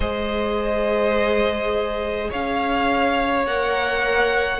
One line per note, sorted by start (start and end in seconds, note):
0.00 2.29 G#3
0.00 3.46 G#4
0.00 2.30 C5
0.00 2.30 D#5
2.30 3.46 C#4
2.30 4.59 C#5
2.30 3.46 F5
3.46 4.59 A#3
3.46 4.59 A#4
3.46 4.59 F#5